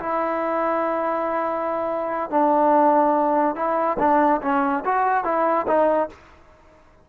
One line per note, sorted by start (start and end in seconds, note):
0.00 2.31 E4
2.31 3.56 D4
3.56 3.98 E4
3.99 4.41 D4
4.42 4.84 C#4
4.85 5.25 F#4
5.25 5.67 E4
5.68 6.10 D#4